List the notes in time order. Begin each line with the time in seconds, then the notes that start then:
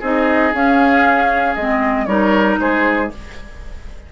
0.00 C4 D#4 G#4 D#5
0.53 C#4 F5
1.55 G#3 C4 D#5
2.05 G3 D#4 A#4 C#5
2.60 G#3 G#4 C5